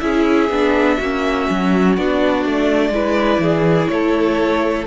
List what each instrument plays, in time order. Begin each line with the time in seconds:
0.00 cello C#4, viola E4, violin G#4 E5
0.50 cello B3, viola D4
0.98 cello A#3, viola C#4, violin F#4
1.50 cello F#3
1.97 cello B3, viola D4, violin D5
2.46 cello A3
2.90 cello G#3, viola E4, violin B4
3.39 cello E3, violin G#4
3.88 cello A3, violin A4 C#5